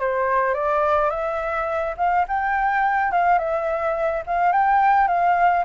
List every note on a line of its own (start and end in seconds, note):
0.00 0.54 C5
0.54 1.10 D5
1.10 1.95 E5
1.97 2.25 F5
2.28 3.11 G5
3.11 3.38 F5
3.38 4.23 E5
4.26 4.52 F5
4.52 5.07 G5
5.07 5.64 F5